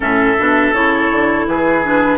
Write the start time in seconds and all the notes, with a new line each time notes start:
0.00 A2 C#4 A4 E5
0.38 B2 D4
0.72 C#3 E4 C#5
1.11 D3
1.46 E3 G#4 B4
1.83 D4